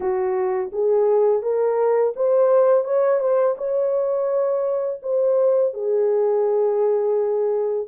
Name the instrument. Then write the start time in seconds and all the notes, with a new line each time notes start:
horn
0.00 F#4
0.72 G#4
1.42 A#4
2.16 C5
2.84 C#5
3.19 C5
3.57 C#5
5.02 C5
5.73 G#4